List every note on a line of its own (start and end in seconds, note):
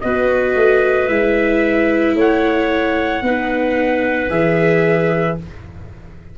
0.00 0.55 B3
0.00 1.08 F#4
0.00 2.16 B4
0.00 1.07 D#5
0.55 1.08 A3
1.07 2.14 G#3
1.07 3.23 E4
1.07 2.15 E5
2.14 3.21 A3
2.14 3.23 C#5
2.14 4.30 F#5
3.21 4.28 B3
3.21 4.29 D#4
3.21 5.37 B4
4.29 5.37 E3
4.29 5.36 G#4
4.29 5.37 E5